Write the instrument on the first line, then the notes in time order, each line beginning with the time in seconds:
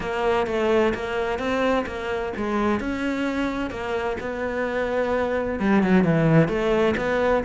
cello
0.00 A#3
0.47 A3
0.94 A#3
1.38 C4
1.86 A#3
2.36 G#3
2.79 C#4
3.70 A#3
4.20 B3
5.59 G3
5.82 F#3
6.03 E3
6.48 A3
6.96 B3